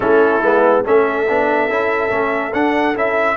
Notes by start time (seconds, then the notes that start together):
0.00 A3 C#4 E4 A4
0.41 G#3 B3
0.83 A3 C#4 A4 E5
1.28 B3 D4
1.68 C#4 E4
2.09 A3 C#4
2.53 D4 F#5
2.95 C#4 E4 E5